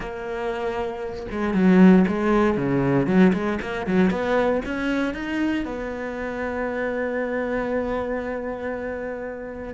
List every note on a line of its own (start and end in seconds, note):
0.00 1.26 A#3
1.31 1.54 G#3
1.54 2.05 F#3
2.07 2.57 G#3
2.57 3.06 C#3
3.06 3.32 F#3
3.33 3.59 G#3
3.61 3.86 A#3
3.86 4.10 F#3
4.10 4.61 B3
4.65 5.14 C#4
5.14 5.65 D#4
5.65 9.74 B3